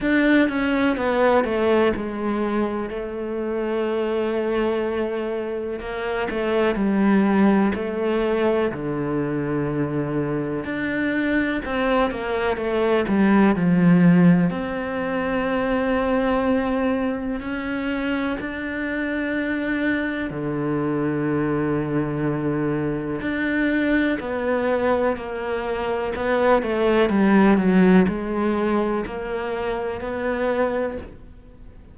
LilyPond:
\new Staff \with { instrumentName = "cello" } { \time 4/4 \tempo 4 = 62 d'8 cis'8 b8 a8 gis4 a4~ | a2 ais8 a8 g4 | a4 d2 d'4 | c'8 ais8 a8 g8 f4 c'4~ |
c'2 cis'4 d'4~ | d'4 d2. | d'4 b4 ais4 b8 a8 | g8 fis8 gis4 ais4 b4 | }